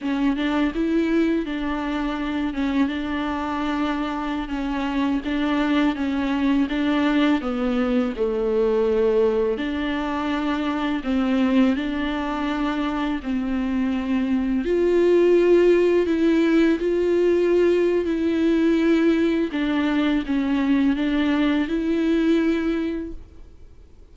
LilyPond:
\new Staff \with { instrumentName = "viola" } { \time 4/4 \tempo 4 = 83 cis'8 d'8 e'4 d'4. cis'8 | d'2~ d'16 cis'4 d'8.~ | d'16 cis'4 d'4 b4 a8.~ | a4~ a16 d'2 c'8.~ |
c'16 d'2 c'4.~ c'16~ | c'16 f'2 e'4 f'8.~ | f'4 e'2 d'4 | cis'4 d'4 e'2 | }